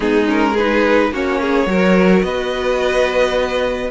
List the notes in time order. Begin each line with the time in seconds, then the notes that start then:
0.00 G#3 B3 D#4 G#4
0.26 C#4 A#4
0.52 G#4 B4
0.58 D#4
1.11 A#3 C#4 F#4 C#5
1.40 G#4
1.66 F#3 F#4 A#4
2.22 B3 B4 D#5